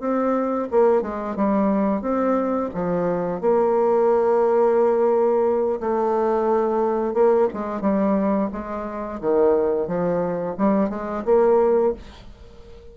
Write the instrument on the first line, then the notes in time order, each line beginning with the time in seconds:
bassoon
0.00 C4
0.71 A#3
1.02 G#3
1.36 G3
2.01 C4
2.74 F3
3.41 A#3
5.80 A3
7.14 A#3
7.53 G#3
7.81 G3
8.52 G#3
9.20 D#3
9.87 F3
10.58 G3
10.89 G#3
11.25 A#3